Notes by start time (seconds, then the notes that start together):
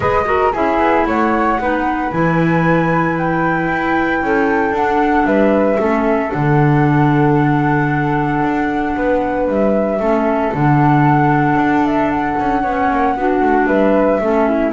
0.00 G#3 G#4 B4 D#5
0.24 F#4 A#4
0.52 C#4 E4 G#4 E5
0.78 B3
1.06 A3 C#5 F#5
1.59 B3 D#4 B4
2.11 E3 E4 G#5
3.17 G5
3.67 E4
4.21 C#4 A4
4.70 D4 F#5
5.24 G3 B4 E5
5.77 A3 C#4 A4
6.29 D3 D4 F#5
8.42 D4
8.96 B3 B4
9.47 G3 E5
9.99 A3 C#4 A4
10.54 D3 D4 F#5
11.55 D4
11.85 E5
12.10 F#5
12.39 C#4
12.62 B3 C#4 C#5
12.91 A#3
13.16 B3 D4 F#4
13.41 A3
13.66 G3 B4 E5
14.20 A3 C#4 A4
14.48 E4